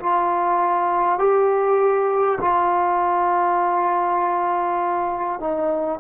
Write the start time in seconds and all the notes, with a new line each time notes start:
0.00 F4
1.19 G4
2.42 F4
5.41 D#4